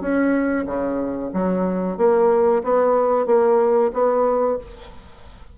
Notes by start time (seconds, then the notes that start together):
0.00 C#4
0.66 C#3
1.33 F#3
1.97 A#3
2.63 B3
3.26 A#3
3.92 B3